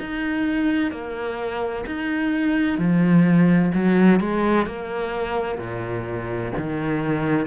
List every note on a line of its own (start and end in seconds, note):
0.00 0.92 D#4
0.92 1.85 A#3
1.86 2.78 D#4
2.78 3.72 F3
3.74 4.21 F#3
4.21 4.67 G#3
4.67 5.59 A#3
5.59 6.52 A#2
6.57 7.47 D#3